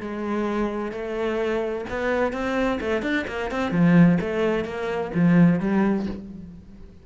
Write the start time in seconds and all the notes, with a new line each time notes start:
0.00 G#3
0.92 A3
1.89 B3
2.32 C4
2.81 A3
3.02 D4
3.27 A#3
3.51 C4
3.71 F3
4.21 A3
4.65 A#3
5.15 F3
5.60 G3